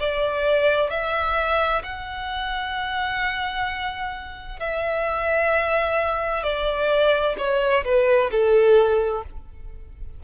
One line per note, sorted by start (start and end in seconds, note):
0.00 0.91 D5
0.91 1.83 E5
1.84 4.60 F#5
4.60 6.44 E5
6.44 7.36 D5
7.38 7.84 C#5
7.85 8.31 B4
8.32 9.24 A4